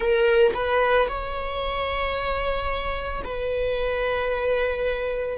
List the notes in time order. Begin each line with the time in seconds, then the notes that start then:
0.00 A#4
0.54 B4
1.08 C#5
3.23 B4